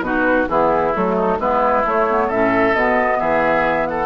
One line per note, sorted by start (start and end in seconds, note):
0.00 0.45 B2
0.00 0.48 D#4
0.00 0.48 F#4
0.00 0.47 B4
0.48 0.93 E3
0.48 0.93 B3
0.48 1.15 E4
0.48 0.94 G#4
0.94 1.39 F#3
0.94 1.39 A3
0.94 1.40 A4
1.15 1.37 D#4
1.39 1.84 G#3
1.39 1.85 B3
1.39 2.27 E4
1.39 1.85 B4
1.85 2.08 A3
1.85 2.30 A3
1.85 2.30 C#5
2.09 2.32 B3
2.27 2.74 A2
2.27 2.74 C#4
2.27 3.17 A4
2.27 2.75 E5
2.74 3.19 B2
2.74 4.05 B3
2.74 3.19 D#5
3.19 4.05 E3
3.19 3.87 G#4
3.19 3.87 E5
3.87 4.05 A4
3.87 4.05 F#5